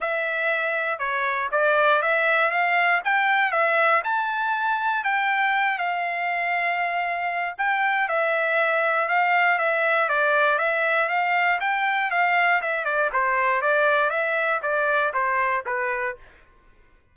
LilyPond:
\new Staff \with { instrumentName = "trumpet" } { \time 4/4 \tempo 4 = 119 e''2 cis''4 d''4 | e''4 f''4 g''4 e''4 | a''2 g''4. f''8~ | f''2. g''4 |
e''2 f''4 e''4 | d''4 e''4 f''4 g''4 | f''4 e''8 d''8 c''4 d''4 | e''4 d''4 c''4 b'4 | }